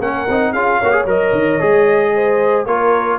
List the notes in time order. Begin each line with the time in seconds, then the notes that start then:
0.00 A#3 C#4 A#4 F#5
0.29 C4 D#4
0.53 C#4 F4 G#4 F5
0.79 A#3 F#4 C#5
0.92 G#4
1.06 F#3 A#4 D#5
1.33 D#3
1.60 G#3 G#4
2.15 C5
2.66 A#3 F4 A#4 C#5